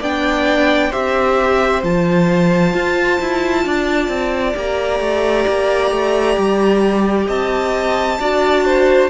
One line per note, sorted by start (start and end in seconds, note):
0.00 0.92 B3
0.00 0.92 D4
0.00 0.90 D5
0.00 0.93 G5
0.90 1.83 C4
0.90 1.83 G4
0.90 3.63 C5
0.90 1.84 E5
1.83 2.74 F3
1.83 4.55 F4
1.83 4.57 A5
2.74 3.20 F4
3.21 3.65 E4
3.65 4.09 D4
3.65 7.27 D5
4.09 4.55 C4
4.55 5.00 A#3
4.55 8.18 G4
4.55 7.29 A#5
5.00 5.45 A3
5.48 5.91 A#3
5.91 6.37 A3
6.37 7.28 G3
7.27 8.20 C4
7.27 8.18 D#5
7.27 9.10 A5
8.20 9.10 D4
8.20 9.10 F#4
8.20 8.65 D5
8.65 9.10 C5